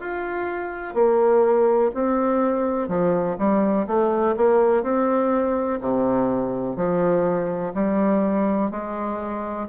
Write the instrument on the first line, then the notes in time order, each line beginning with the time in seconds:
bassoon
0.00 F4
0.94 A#3
1.94 C4
2.88 F3
3.38 G3
3.87 A3
4.36 A#3
4.83 C4
5.80 C3
6.76 F3
7.74 G3
8.71 G#3